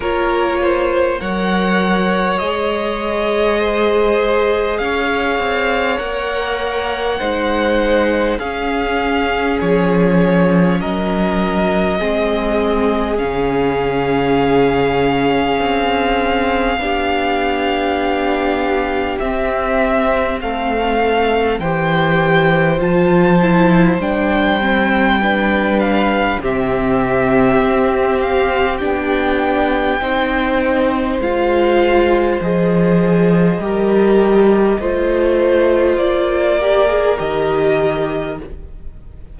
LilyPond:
<<
  \new Staff \with { instrumentName = "violin" } { \time 4/4 \tempo 4 = 50 cis''4 fis''4 dis''2 | f''4 fis''2 f''4 | cis''4 dis''2 f''4~ | f''1 |
e''4 f''4 g''4 a''4 | g''4. f''8 e''4. f''8 | g''2 f''4 dis''4~ | dis''2 d''4 dis''4 | }
  \new Staff \with { instrumentName = "violin" } { \time 4/4 ais'8 c''8 cis''2 c''4 | cis''2 c''4 gis'4~ | gis'4 ais'4 gis'2~ | gis'2 g'2~ |
g'4 a'4 c''2~ | c''4 b'4 g'2~ | g'4 c''2. | ais'4 c''4. ais'4. | }
  \new Staff \with { instrumentName = "viola" } { \time 4/4 f'4 ais'4 gis'2~ | gis'4 ais'4 dis'4 cis'4~ | cis'2 c'4 cis'4~ | cis'2 d'2 |
c'2 g'4 f'8 e'8 | d'8 c'8 d'4 c'2 | d'4 dis'4 f'4 gis'4 | g'4 f'4. g'16 gis'16 g'4 | }
  \new Staff \with { instrumentName = "cello" } { \time 4/4 ais4 fis4 gis2 | cis'8 c'8 ais4 gis4 cis'4 | f4 fis4 gis4 cis4~ | cis4 c'4 b2 |
c'4 a4 e4 f4 | g2 c4 c'4 | b4 c'4 gis4 f4 | g4 a4 ais4 dis4 | }
>>